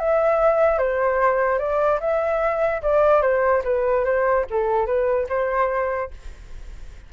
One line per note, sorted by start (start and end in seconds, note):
0.00 0.79 E5
0.79 1.59 C5
1.59 2.00 D5
2.01 2.82 E5
2.83 3.22 D5
3.22 3.63 C5
3.65 4.05 B4
4.05 4.46 C5
4.51 4.87 A4
4.87 5.28 B4
5.29 6.11 C5